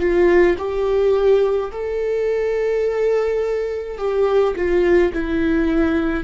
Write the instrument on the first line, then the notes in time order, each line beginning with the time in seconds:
viola
0.00 F4
0.58 G4
1.72 A4
3.98 G4
4.56 F4
5.14 E4